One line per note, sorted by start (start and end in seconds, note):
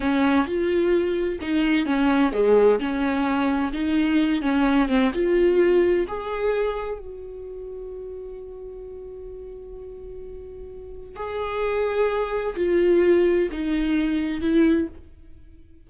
0.00 0.46 C#4
0.46 1.39 F4
1.41 1.86 D#4
1.86 2.32 C#4
2.32 2.79 G#3
2.79 3.72 C#4
3.73 4.42 D#4
4.42 4.88 C#4
4.88 5.11 C4
5.14 6.07 F4
6.07 6.99 G#4
6.99 11.16 F#4
11.16 12.55 G#4
12.56 13.49 F4
13.51 14.41 D#4
14.41 14.87 E4